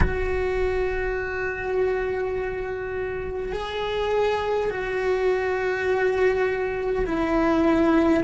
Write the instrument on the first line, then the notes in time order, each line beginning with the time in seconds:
cello
0.00 F#4
3.52 G#4
4.70 F#4
7.06 E4